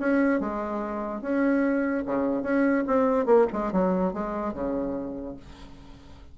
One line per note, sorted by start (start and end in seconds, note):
0.00 0.40 C#4
0.40 1.22 G#3
1.22 2.05 C#4
2.06 2.43 C#3
2.43 2.84 C#4
2.87 3.26 C4
3.26 3.47 A#3
3.53 3.72 G#3
3.72 4.14 F#3
4.14 4.54 G#3
4.54 5.36 C#3